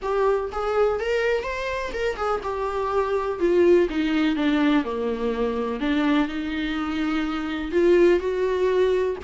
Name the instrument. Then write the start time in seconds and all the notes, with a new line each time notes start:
viola
0.02 G4
0.51 G#4
0.99 A#4
1.43 C5
1.93 A#4
2.16 G#4
2.43 G4
3.39 F4
3.89 D#4
4.36 D4
4.84 A#3
5.80 D4
6.28 D#4
7.71 F4
8.19 F#4